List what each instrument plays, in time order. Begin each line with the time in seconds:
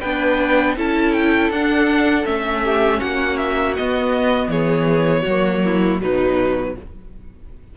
0.00 cello B3, viola D4, violin B4 G5
0.77 cello C#4, viola E4, violin A4 A5
1.13 violin G5
1.50 cello D4, viola D4, violin F#5
2.25 cello A3, viola C#4, violin E5
2.64 violin G4
3.00 cello A#3, violin F#4 F#5
3.38 violin E5
3.77 viola B3, cello B3, violin D#5
4.48 cello E3, violin G#4 C#5
5.22 cello F#3, violin F#4
5.30 viola A#3
5.65 violin E4
6.01 cello B2, viola F#3, violin D#4 B4